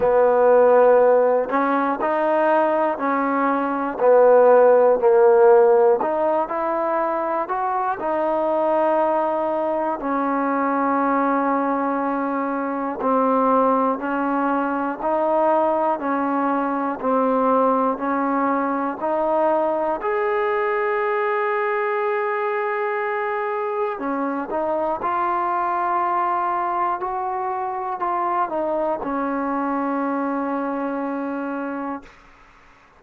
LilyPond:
\new Staff \with { instrumentName = "trombone" } { \time 4/4 \tempo 4 = 60 b4. cis'8 dis'4 cis'4 | b4 ais4 dis'8 e'4 fis'8 | dis'2 cis'2~ | cis'4 c'4 cis'4 dis'4 |
cis'4 c'4 cis'4 dis'4 | gis'1 | cis'8 dis'8 f'2 fis'4 | f'8 dis'8 cis'2. | }